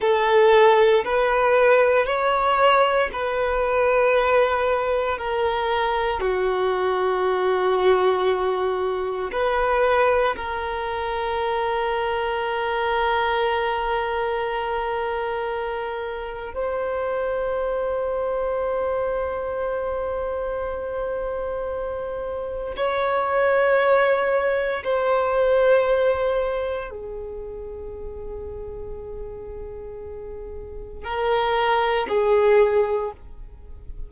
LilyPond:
\new Staff \with { instrumentName = "violin" } { \time 4/4 \tempo 4 = 58 a'4 b'4 cis''4 b'4~ | b'4 ais'4 fis'2~ | fis'4 b'4 ais'2~ | ais'1 |
c''1~ | c''2 cis''2 | c''2 gis'2~ | gis'2 ais'4 gis'4 | }